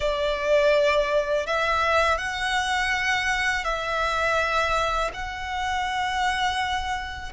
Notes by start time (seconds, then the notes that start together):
0.00 D5
1.46 E5
2.18 F#5
3.64 E5
5.13 F#5